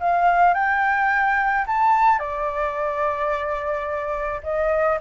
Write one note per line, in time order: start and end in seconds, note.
0.00 0.54 F5
0.54 1.65 G5
1.66 2.19 A5
2.19 4.41 D5
4.43 4.98 D#5